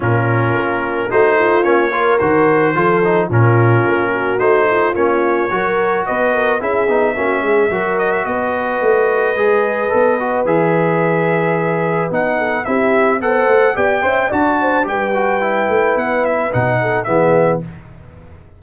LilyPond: <<
  \new Staff \with { instrumentName = "trumpet" } { \time 4/4 \tempo 4 = 109 ais'2 c''4 cis''4 | c''2 ais'2 | c''4 cis''2 dis''4 | e''2~ e''8 dis''16 e''16 dis''4~ |
dis''2. e''4~ | e''2 fis''4 e''4 | fis''4 g''4 a''4 g''4~ | g''4 fis''8 e''8 fis''4 e''4 | }
  \new Staff \with { instrumentName = "horn" } { \time 4/4 f'2 fis'8 f'4 ais'8~ | ais'4 a'4 f'4. fis'8~ | fis'8 f'4. ais'4 b'8 ais'8 | gis'4 fis'8 gis'8 ais'4 b'4~ |
b'1~ | b'2~ b'8 a'8 g'4 | c''4 d''8 e''8 d''8 c''8 b'4~ | b'2~ b'8 a'8 gis'4 | }
  \new Staff \with { instrumentName = "trombone" } { \time 4/4 cis'2 dis'4 cis'8 f'8 | fis'4 f'8 dis'8 cis'2 | dis'4 cis'4 fis'2 | e'8 dis'8 cis'4 fis'2~ |
fis'4 gis'4 a'8 fis'8 gis'4~ | gis'2 dis'4 e'4 | a'4 g'8 c''8 fis'4 g'8 fis'8 | e'2 dis'4 b4 | }
  \new Staff \with { instrumentName = "tuba" } { \time 4/4 ais,4 ais4 a4 ais4 | dis4 f4 ais,4 ais4 | a4 ais4 fis4 b4 | cis'8 b8 ais8 gis8 fis4 b4 |
a4 gis4 b4 e4~ | e2 b4 c'4 | b8 a8 b8 cis'8 d'4 g4~ | g8 a8 b4 b,4 e4 | }
>>